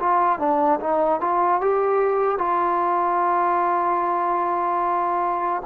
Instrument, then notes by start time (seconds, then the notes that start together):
trombone
0.00 F4
0.39 D4
0.81 D#4
1.21 F4
1.62 G4
2.39 F4